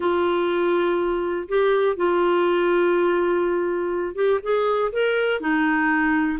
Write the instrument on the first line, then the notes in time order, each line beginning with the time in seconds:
clarinet
0.00 F4
1.48 G4
1.96 F4
4.15 G4
4.42 G#4
4.92 A#4
5.40 D#4